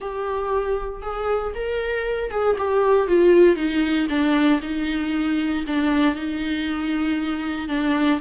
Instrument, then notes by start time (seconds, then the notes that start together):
viola
0.00 G4
1.02 G#4
1.54 A#4
2.30 G#4
2.58 G4
3.07 F4
3.56 D#4
4.09 D4
4.62 D#4
5.66 D4
6.15 D#4
7.68 D4